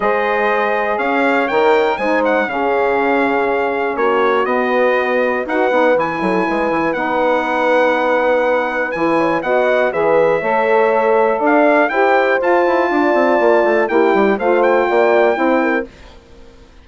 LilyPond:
<<
  \new Staff \with { instrumentName = "trumpet" } { \time 4/4 \tempo 4 = 121 dis''2 f''4 g''4 | gis''8 fis''8 f''2. | cis''4 dis''2 fis''4 | gis''2 fis''2~ |
fis''2 gis''4 fis''4 | e''2. f''4 | g''4 a''2. | g''4 f''8 g''2~ g''8 | }
  \new Staff \with { instrumentName = "horn" } { \time 4/4 c''2 cis''2 | c''4 gis'2. | fis'2. b'4~ | b'8 a'8 b'2.~ |
b'2~ b'8 cis''8 dis''4 | b'4 cis''2 d''4 | c''2 d''2 | g'4 c''4 d''4 c''8 ais'8 | }
  \new Staff \with { instrumentName = "saxophone" } { \time 4/4 gis'2. ais'4 | dis'4 cis'2.~ | cis'4 b2 fis'8 dis'8 | e'2 dis'2~ |
dis'2 e'4 fis'4 | gis'4 a'2. | g'4 f'2. | e'4 f'2 e'4 | }
  \new Staff \with { instrumentName = "bassoon" } { \time 4/4 gis2 cis'4 dis4 | gis4 cis2. | ais4 b2 dis'8 b8 | e8 fis8 gis8 e8 b2~ |
b2 e4 b4 | e4 a2 d'4 | e'4 f'8 e'8 d'8 c'8 ais8 a8 | ais8 g8 a4 ais4 c'4 | }
>>